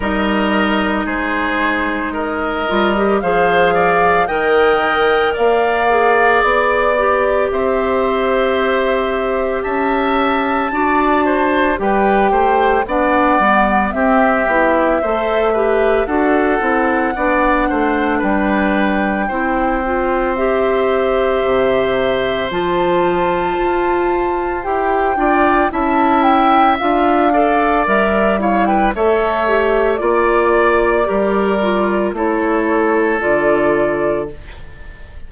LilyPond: <<
  \new Staff \with { instrumentName = "flute" } { \time 4/4 \tempo 4 = 56 dis''4 c''4 dis''4 f''4 | g''4 f''4 d''4 e''4~ | e''4 a''2 g''4 | fis''4 e''2 fis''4~ |
fis''4 g''2 e''4~ | e''4 a''2 g''4 | a''8 g''8 f''4 e''8 f''16 g''16 e''4 | d''2 cis''4 d''4 | }
  \new Staff \with { instrumentName = "oboe" } { \time 4/4 ais'4 gis'4 ais'4 c''8 d''8 | dis''4 d''2 c''4~ | c''4 e''4 d''8 c''8 b'8 c''8 | d''4 g'4 c''8 b'8 a'4 |
d''8 c''8 b'4 c''2~ | c''2.~ c''8 d''8 | e''4. d''4 cis''16 b'16 cis''4 | d''4 ais'4 a'2 | }
  \new Staff \with { instrumentName = "clarinet" } { \time 4/4 dis'2~ dis'8 f'16 g'16 gis'4 | ais'4. gis'4 g'4.~ | g'2 fis'4 g'4 | d'8 b8 c'8 e'8 a'8 g'8 fis'8 e'8 |
d'2 e'8 f'8 g'4~ | g'4 f'2 g'8 f'8 | e'4 f'8 a'8 ais'8 e'8 a'8 g'8 | f'4 g'8 f'8 e'4 f'4 | }
  \new Staff \with { instrumentName = "bassoon" } { \time 4/4 g4 gis4. g8 f4 | dis4 ais4 b4 c'4~ | c'4 cis'4 d'4 g8 a8 | b8 g8 c'8 b8 a4 d'8 c'8 |
b8 a8 g4 c'2 | c4 f4 f'4 e'8 d'8 | cis'4 d'4 g4 a4 | ais4 g4 a4 d4 | }
>>